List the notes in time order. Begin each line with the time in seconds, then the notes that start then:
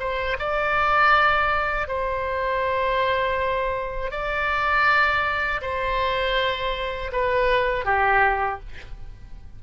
0.00 C5
0.39 D5
1.89 C5
4.11 D5
5.62 C5
7.12 B4
7.85 G4